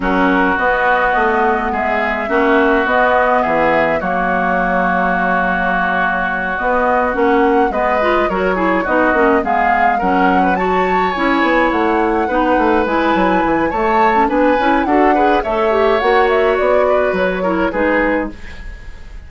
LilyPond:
<<
  \new Staff \with { instrumentName = "flute" } { \time 4/4 \tempo 4 = 105 ais'4 dis''2 e''4~ | e''4 dis''4 e''4 cis''4~ | cis''2.~ cis''8 dis''8~ | dis''8 fis''4 dis''4 cis''4 dis''8~ |
dis''8 f''4 fis''4 a''4 gis''8~ | gis''8 fis''2 gis''4. | a''4 gis''4 fis''4 e''4 | fis''8 e''8 d''4 cis''4 b'4 | }
  \new Staff \with { instrumentName = "oboe" } { \time 4/4 fis'2. gis'4 | fis'2 gis'4 fis'4~ | fis'1~ | fis'4. b'4 ais'8 gis'8 fis'8~ |
fis'8 gis'4 ais'8. b'16 cis''4.~ | cis''4. b'2~ b'8 | cis''4 b'4 a'8 b'8 cis''4~ | cis''4. b'4 ais'8 gis'4 | }
  \new Staff \with { instrumentName = "clarinet" } { \time 4/4 cis'4 b2. | cis'4 b2 ais4~ | ais2.~ ais8 b8~ | b8 cis'4 b8 f'8 fis'8 e'8 dis'8 |
cis'8 b4 cis'4 fis'4 e'8~ | e'4. dis'4 e'4. | a8. cis'16 d'8 e'8 fis'8 gis'8 a'8 g'8 | fis'2~ fis'8 e'8 dis'4 | }
  \new Staff \with { instrumentName = "bassoon" } { \time 4/4 fis4 b4 a4 gis4 | ais4 b4 e4 fis4~ | fis2.~ fis8 b8~ | b8 ais4 gis4 fis4 b8 |
ais8 gis4 fis2 cis'8 | b8 a4 b8 a8 gis8 fis8 e8 | a4 b8 cis'8 d'4 a4 | ais4 b4 fis4 gis4 | }
>>